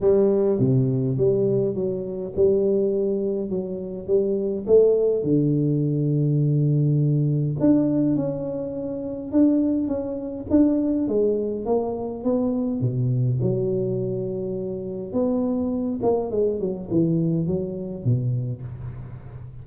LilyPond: \new Staff \with { instrumentName = "tuba" } { \time 4/4 \tempo 4 = 103 g4 c4 g4 fis4 | g2 fis4 g4 | a4 d2.~ | d4 d'4 cis'2 |
d'4 cis'4 d'4 gis4 | ais4 b4 b,4 fis4~ | fis2 b4. ais8 | gis8 fis8 e4 fis4 b,4 | }